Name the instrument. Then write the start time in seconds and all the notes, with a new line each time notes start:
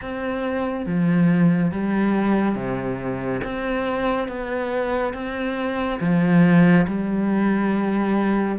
cello
0.01 C4
0.86 F3
1.71 G3
2.55 C3
3.43 C4
4.28 B3
5.14 C4
6.00 F3
6.87 G3